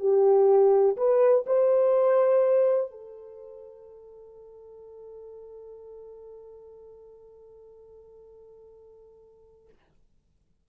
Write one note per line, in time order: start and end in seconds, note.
0.00 0.97 G4
0.97 1.46 B4
1.47 2.91 C5
2.91 9.69 A4